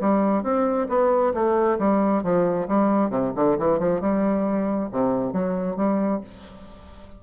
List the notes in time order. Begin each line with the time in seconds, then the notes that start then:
0.00 G3
0.43 C4
0.88 B3
1.34 A3
1.79 G3
2.23 F3
2.68 G3
3.10 C3
3.35 D3
3.58 E3
3.79 F3
4.01 G3
4.91 C3
5.33 F#3
5.76 G3